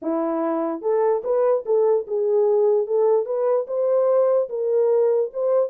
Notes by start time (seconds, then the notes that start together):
0.02 E4
0.81 A4
1.24 B4
1.65 A4
2.07 G#4
2.86 A4
3.25 B4
3.67 C5
4.49 A#4
5.33 C5